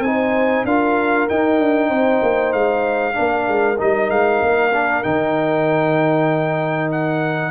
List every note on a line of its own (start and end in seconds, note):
0.00 0.62 C4
0.00 0.67 D#4
0.00 0.65 G#5
0.08 0.67 C5
0.64 1.27 D4
0.64 1.30 F4
0.64 1.89 A#4
0.64 1.29 F5
1.29 3.14 D#4
1.29 1.59 D#4
1.29 2.53 G5
1.59 1.90 D4
1.89 2.21 C4
1.89 3.14 C5
2.23 2.53 A#3
2.53 3.16 G#3
2.53 3.78 F5
3.14 3.49 A#3
3.14 3.76 D4
3.14 7.51 A#4
3.49 3.80 G#3
3.78 4.10 G3
3.78 4.72 D#4
3.78 4.10 D#5
4.10 4.41 G#3
4.10 5.03 F5
4.42 5.05 A#3
4.73 5.04 D4
5.03 7.51 D#3
5.03 7.51 D#4
5.03 6.91 G5
6.92 7.51 F#5